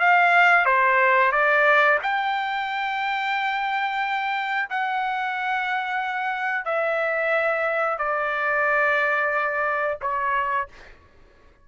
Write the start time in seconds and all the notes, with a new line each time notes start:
0.00 F5
0.65 C5
1.32 D5
2.02 G5
4.70 F#5
6.65 E5
7.98 D5
10.02 C#5